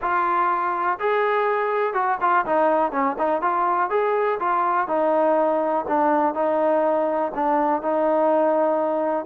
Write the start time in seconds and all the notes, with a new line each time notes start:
0.01 F4
0.99 G#4
1.93 F#4
2.21 F4
2.45 D#4
2.91 C#4
3.18 D#4
3.41 F4
3.89 G#4
4.39 F4
4.87 D#4
5.88 D4
6.34 D#4
7.34 D4
7.82 D#4